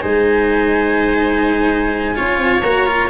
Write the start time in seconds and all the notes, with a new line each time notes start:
0.00 G#3 D#4 C5 G#5
2.15 C#4 F4 C#5
2.38 C4
2.61 A#3 F#4 A#5
2.87 F4